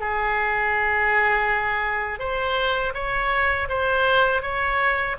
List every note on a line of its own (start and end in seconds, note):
0.00 2.19 G#4
2.19 2.93 C5
2.94 3.68 C#5
3.69 4.42 C5
4.42 5.16 C#5